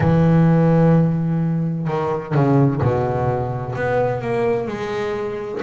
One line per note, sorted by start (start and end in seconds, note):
0.00 1.87 E3
1.87 2.34 D#3
2.34 2.81 C#3
2.81 3.75 B2
3.75 4.21 B3
4.21 4.67 A#3
4.67 5.61 G#3